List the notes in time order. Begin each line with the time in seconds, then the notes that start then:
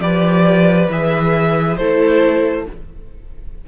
0.00 F3 G4 B4 D5
0.90 E3 G#4 E5
1.77 A3 E4 A4 C5